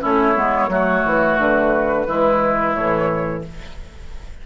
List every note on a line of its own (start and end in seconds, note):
0.00 0.36 A3
0.00 0.34 C#4
0.00 0.69 E4
0.00 1.39 C#5
0.35 0.68 G#3
0.35 0.69 B3
0.68 1.02 F#3
0.68 2.06 A3
0.68 2.07 F#4
1.05 1.38 E3
1.38 2.06 D3
1.38 2.73 B4
2.07 2.74 E3
2.07 2.76 G#3
2.07 3.44 E4
2.73 3.42 A2
2.73 3.46 E3
2.73 3.42 C#5